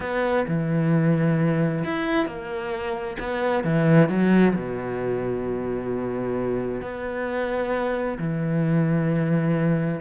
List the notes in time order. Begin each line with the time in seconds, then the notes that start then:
0.00 B3
0.47 E3
1.84 E4
2.25 A#3
3.19 B3
3.63 E3
4.08 F#3
4.55 B2
6.81 B3
8.18 E3